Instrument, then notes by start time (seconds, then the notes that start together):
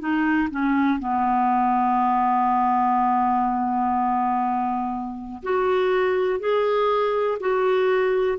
clarinet
0.00 D#4
0.51 C#4
1.00 B3
5.43 F#4
6.40 G#4
7.40 F#4